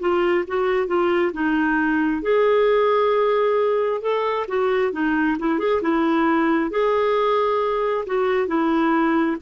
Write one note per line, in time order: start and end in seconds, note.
0.00 0.45 F4
0.48 0.88 F#4
0.88 1.32 F4
1.34 2.23 D#4
2.23 4.02 G#4
4.02 4.47 A4
4.48 4.93 F#4
4.93 5.37 D#4
5.39 5.60 E4
5.60 5.82 G#4
5.82 6.71 E4
6.71 8.06 G#4
8.07 8.48 F#4
8.48 9.37 E4